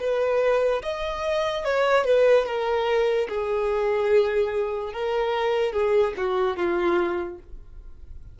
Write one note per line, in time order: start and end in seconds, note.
0.00 0.82 B4
0.83 1.65 D#5
1.65 2.05 C#5
2.05 2.46 B4
2.46 3.28 A#4
3.29 4.93 G#4
4.93 5.73 A#4
5.73 6.14 G#4
6.17 6.57 F#4
6.57 7.39 F4